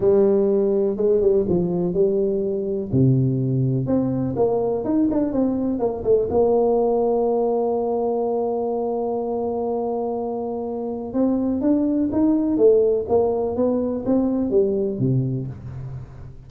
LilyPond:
\new Staff \with { instrumentName = "tuba" } { \time 4/4 \tempo 4 = 124 g2 gis8 g8 f4 | g2 c2 | c'4 ais4 dis'8 d'8 c'4 | ais8 a8 ais2.~ |
ais1~ | ais2. c'4 | d'4 dis'4 a4 ais4 | b4 c'4 g4 c4 | }